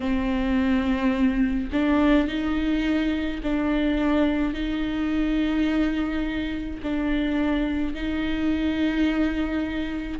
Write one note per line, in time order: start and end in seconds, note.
0.00 1.70 C4
1.72 2.27 D4
2.27 3.41 D#4
3.43 4.53 D4
4.53 6.80 D#4
6.82 7.94 D4
7.94 10.19 D#4